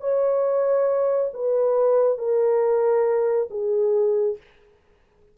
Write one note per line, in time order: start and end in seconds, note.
0.00 1.30 C#5
1.33 2.18 B4
2.18 3.48 A#4
3.50 4.37 G#4